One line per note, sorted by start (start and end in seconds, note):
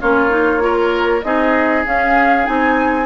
0.00 1.23 A#3
0.00 0.29 C#4
0.00 0.62 F4
0.00 1.22 C#5
0.29 0.60 D#4
0.60 1.21 F4
0.60 1.25 A#4
1.22 1.85 C4
1.22 1.85 D#4
1.22 3.05 G#4
1.22 1.83 D#5
1.85 2.44 C#4
1.85 2.47 C#4
1.85 2.46 F5
2.44 3.05 C4
2.44 3.05 D#4
2.44 3.05 G#5